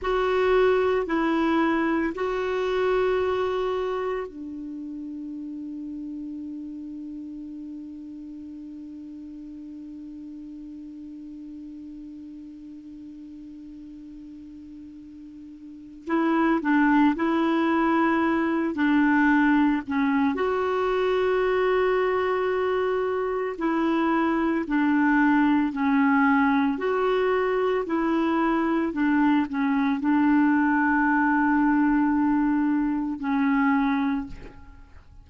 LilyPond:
\new Staff \with { instrumentName = "clarinet" } { \time 4/4 \tempo 4 = 56 fis'4 e'4 fis'2 | d'1~ | d'1~ | d'2. e'8 d'8 |
e'4. d'4 cis'8 fis'4~ | fis'2 e'4 d'4 | cis'4 fis'4 e'4 d'8 cis'8 | d'2. cis'4 | }